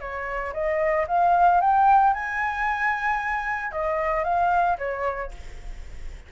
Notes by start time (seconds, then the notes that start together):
0.00 C#5
0.53 D#5
1.08 F5
1.61 G5
2.14 G#5
3.72 D#5
4.24 F5
4.78 C#5